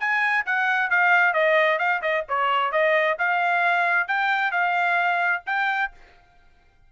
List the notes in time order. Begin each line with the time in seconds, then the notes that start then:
0.00 G#5
0.46 F#5
0.90 F5
1.33 D#5
1.79 F5
2.02 D#5
2.29 C#5
2.72 D#5
3.19 F5
4.08 G5
4.51 F5
5.46 G5